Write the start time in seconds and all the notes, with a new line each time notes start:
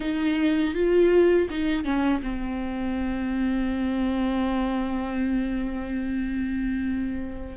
0.00 D#4
0.74 F4
1.50 D#4
1.84 C#4
2.22 C4